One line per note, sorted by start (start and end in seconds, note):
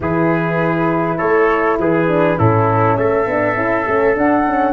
0.00 1.17 E3
0.00 2.08 E4
0.00 1.17 G#4
0.00 1.18 B4
1.17 1.78 A3
1.17 1.77 A4
1.17 1.77 C#5
1.78 2.37 E3
1.78 2.38 G#4
1.78 2.38 B4
2.08 2.37 D4
2.37 2.96 A2
2.37 3.26 C#4
2.37 2.98 E4
2.37 2.96 A4
2.96 3.26 A3
2.96 4.73 A4
2.96 4.15 E5
3.26 3.55 B3
3.26 3.55 D4
3.55 3.85 C#4
3.55 3.85 E4
3.86 4.16 A3
3.86 4.14 C#4
4.14 4.44 D4
4.14 4.73 D4
4.14 4.73 F#5
4.46 4.73 C#4